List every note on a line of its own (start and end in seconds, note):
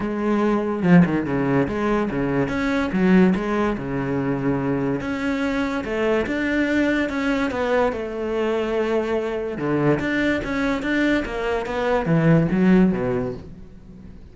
0.00 0.82 G#3
0.82 1.03 F3
1.05 1.26 D#3
1.26 1.67 C#3
1.68 2.09 G#3
2.10 2.48 C#3
2.48 2.90 C#4
2.92 3.34 F#3
3.35 3.76 G#3
3.77 5.00 C#3
5.00 5.84 C#4
5.84 6.26 A3
6.26 7.09 D4
7.09 7.50 C#4
7.51 7.92 B3
7.92 9.57 A3
9.57 9.99 D3
9.99 10.41 D4
10.44 10.82 C#4
10.82 11.24 D4
11.25 11.66 A#3
11.66 12.05 B3
12.05 12.47 E3
12.51 12.92 F#3
12.92 13.34 B2